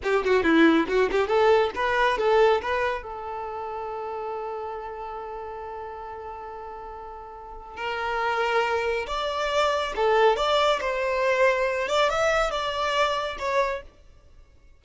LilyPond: \new Staff \with { instrumentName = "violin" } { \time 4/4 \tempo 4 = 139 g'8 fis'8 e'4 fis'8 g'8 a'4 | b'4 a'4 b'4 a'4~ | a'1~ | a'1~ |
a'2 ais'2~ | ais'4 d''2 a'4 | d''4 c''2~ c''8 d''8 | e''4 d''2 cis''4 | }